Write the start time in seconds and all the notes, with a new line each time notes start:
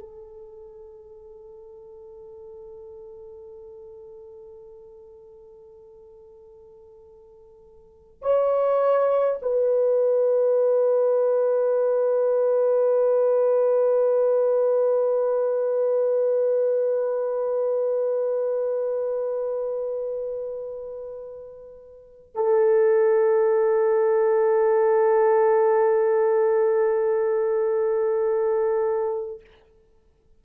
0.00 A4
8.22 C#5
9.42 B4
22.35 A4